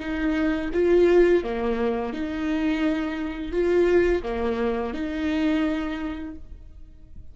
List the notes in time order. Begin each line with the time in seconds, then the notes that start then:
0.00 D#4
0.73 F4
1.44 A#3
2.13 D#4
3.52 F4
4.23 A#3
4.94 D#4